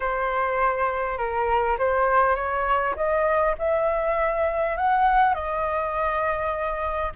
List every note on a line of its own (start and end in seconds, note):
0.00 1.17 C5
1.17 1.77 A#4
1.78 2.35 C5
2.35 2.95 C#5
2.95 3.55 D#5
3.58 4.76 E5
4.76 5.34 F#5
5.34 7.12 D#5